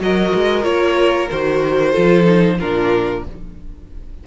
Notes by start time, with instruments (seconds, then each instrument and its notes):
0.00 cello F#3, viola F#4, violin A#4 D#5
0.34 cello G#3
0.62 cello A#3, viola F4, violin C#5
1.31 cello D#3, viola F#4, violin C5
1.91 viola F4, violin A4
1.97 cello F3
2.24 viola D#4
2.59 cello A#2, viola D4, violin F4 A#4